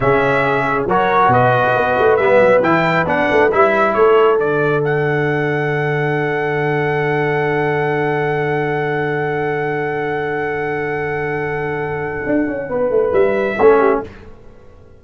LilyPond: <<
  \new Staff \with { instrumentName = "trumpet" } { \time 4/4 \tempo 4 = 137 e''2 cis''4 dis''4~ | dis''4 e''4 g''4 fis''4 | e''4 cis''4 d''4 fis''4~ | fis''1~ |
fis''1~ | fis''1~ | fis''1~ | fis''2 e''2 | }
  \new Staff \with { instrumentName = "horn" } { \time 4/4 gis'2 ais'4 b'4~ | b'1~ | b'4 a'2.~ | a'1~ |
a'1~ | a'1~ | a'1~ | a'4 b'2 a'8 g'8 | }
  \new Staff \with { instrumentName = "trombone" } { \time 4/4 cis'2 fis'2~ | fis'4 b4 e'4 d'4 | e'2 d'2~ | d'1~ |
d'1~ | d'1~ | d'1~ | d'2. cis'4 | }
  \new Staff \with { instrumentName = "tuba" } { \time 4/4 cis2 fis4 b,4 | b8 a8 g8 fis8 e4 b8 a8 | g4 a4 d2~ | d1~ |
d1~ | d1~ | d1 | d'8 cis'8 b8 a8 g4 a4 | }
>>